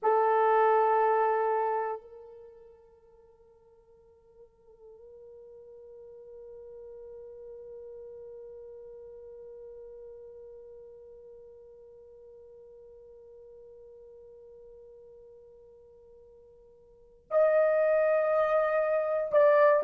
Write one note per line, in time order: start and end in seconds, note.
0.02 2.01 A4
2.01 17.26 A#4
17.30 19.32 D#5
19.32 19.83 D5